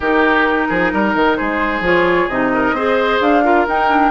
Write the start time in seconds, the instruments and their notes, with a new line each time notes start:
0.00 bassoon D#3, clarinet D#4, oboe G4, flute A#4
0.68 bassoon F3, oboe G#4
0.92 bassoon G3, oboe A#4
1.14 bassoon D#3
1.36 bassoon G#3, oboe G#4, flute C5
1.80 bassoon F3, clarinet F4, flute C#5
2.28 bassoon C3, clarinet D#4, flute D#5
2.53 oboe A#4
2.72 bassoon C4, clarinet G#4, oboe C5
3.20 bassoon D4, flute F5
3.43 clarinet F4, oboe A#4
3.67 bassoon D#4, clarinet D#4, flute G5
3.88 clarinet D4